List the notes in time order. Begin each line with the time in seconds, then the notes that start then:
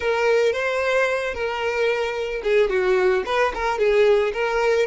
0.00 A#4
0.52 C5
1.34 A#4
2.43 G#4
2.69 F#4
3.25 B4
3.54 A#4
3.78 G#4
4.33 A#4